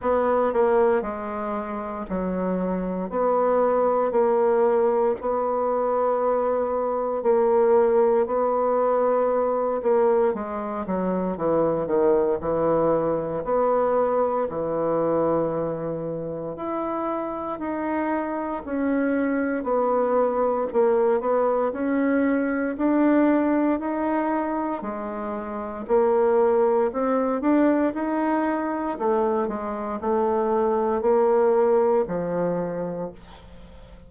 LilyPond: \new Staff \with { instrumentName = "bassoon" } { \time 4/4 \tempo 4 = 58 b8 ais8 gis4 fis4 b4 | ais4 b2 ais4 | b4. ais8 gis8 fis8 e8 dis8 | e4 b4 e2 |
e'4 dis'4 cis'4 b4 | ais8 b8 cis'4 d'4 dis'4 | gis4 ais4 c'8 d'8 dis'4 | a8 gis8 a4 ais4 f4 | }